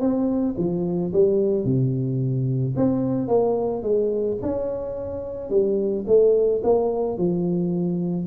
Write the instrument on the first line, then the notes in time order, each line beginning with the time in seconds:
tuba
0.00 C4
0.57 F3
1.13 G3
1.64 C3
2.76 C4
3.28 A#3
3.82 G#3
4.42 C#4
5.50 G3
6.07 A3
6.63 A#3
7.18 F3